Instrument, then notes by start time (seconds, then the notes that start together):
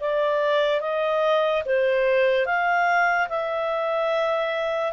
clarinet
0.00 D5
0.81 D#5
1.66 C5
2.46 F5
3.29 E5